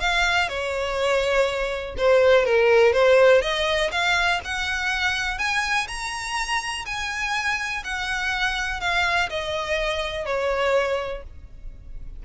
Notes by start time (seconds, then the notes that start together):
0.00 F5
0.49 C#5
1.97 C5
2.45 A#4
2.93 C5
3.42 D#5
3.92 F5
4.45 F#5
5.38 G#5
5.88 A#5
6.86 G#5
7.84 F#5
8.80 F5
9.30 D#5
10.26 C#5